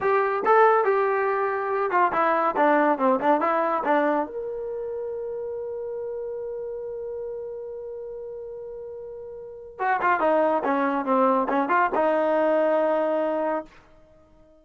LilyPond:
\new Staff \with { instrumentName = "trombone" } { \time 4/4 \tempo 4 = 141 g'4 a'4 g'2~ | g'8 f'8 e'4 d'4 c'8 d'8 | e'4 d'4 ais'2~ | ais'1~ |
ais'1~ | ais'2. fis'8 f'8 | dis'4 cis'4 c'4 cis'8 f'8 | dis'1 | }